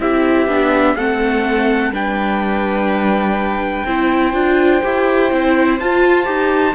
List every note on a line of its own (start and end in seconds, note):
0.00 0.47 C4
0.00 0.48 E4
0.00 0.96 G4
0.00 0.96 E5
0.47 0.96 B3
0.47 0.97 D4
0.96 1.90 A3
0.96 1.93 C4
0.96 1.93 A4
0.96 1.93 F#5
1.90 3.84 G3
1.90 3.86 D4
1.90 3.86 B4
1.90 5.80 G5
3.85 4.33 C4
3.85 4.33 E4
3.85 6.75 C5
4.33 4.82 D4
4.33 4.82 F4
4.83 5.32 E4
4.83 5.31 G4
5.31 5.81 C4
5.31 5.79 E4
5.80 6.27 F4
5.80 6.25 F4
5.80 6.75 A5
6.25 6.75 D#4
6.25 6.73 G4